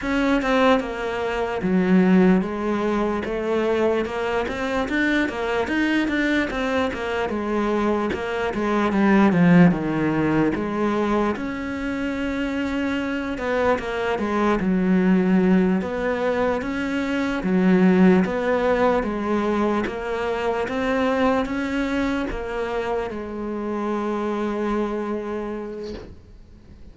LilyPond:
\new Staff \with { instrumentName = "cello" } { \time 4/4 \tempo 4 = 74 cis'8 c'8 ais4 fis4 gis4 | a4 ais8 c'8 d'8 ais8 dis'8 d'8 | c'8 ais8 gis4 ais8 gis8 g8 f8 | dis4 gis4 cis'2~ |
cis'8 b8 ais8 gis8 fis4. b8~ | b8 cis'4 fis4 b4 gis8~ | gis8 ais4 c'4 cis'4 ais8~ | ais8 gis2.~ gis8 | }